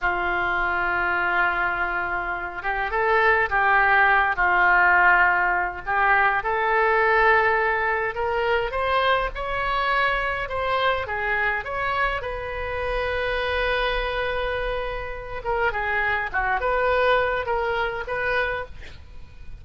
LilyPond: \new Staff \with { instrumentName = "oboe" } { \time 4/4 \tempo 4 = 103 f'1~ | f'8 g'8 a'4 g'4. f'8~ | f'2 g'4 a'4~ | a'2 ais'4 c''4 |
cis''2 c''4 gis'4 | cis''4 b'2.~ | b'2~ b'8 ais'8 gis'4 | fis'8 b'4. ais'4 b'4 | }